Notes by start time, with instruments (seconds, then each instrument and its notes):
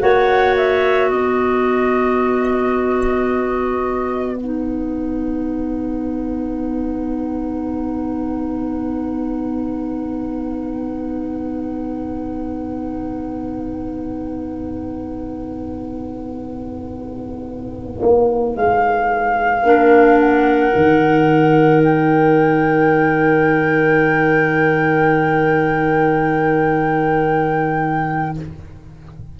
0.00 tuba A#3, clarinet F#4 C#5, flute F#5
0.57 flute E5
1.10 tuba B3, clarinet B4, flute D#5
4.37 clarinet D#4, flute F#5
18.02 tuba A#3
18.56 tuba G#3, flute F5
19.63 tuba A#3, clarinet D4 A#4
20.20 flute F#5
20.72 tuba D#3, clarinet D#4
21.84 flute G5